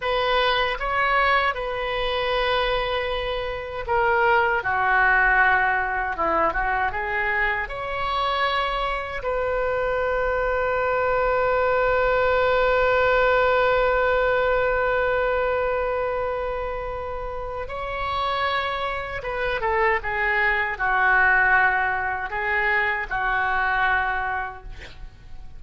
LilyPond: \new Staff \with { instrumentName = "oboe" } { \time 4/4 \tempo 4 = 78 b'4 cis''4 b'2~ | b'4 ais'4 fis'2 | e'8 fis'8 gis'4 cis''2 | b'1~ |
b'1~ | b'2. cis''4~ | cis''4 b'8 a'8 gis'4 fis'4~ | fis'4 gis'4 fis'2 | }